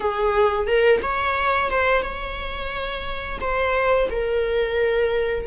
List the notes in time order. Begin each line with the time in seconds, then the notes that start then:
0.00 G#4
0.67 A#4
1.02 C#5
1.70 C5
2.02 C#5
3.41 C5
4.10 A#4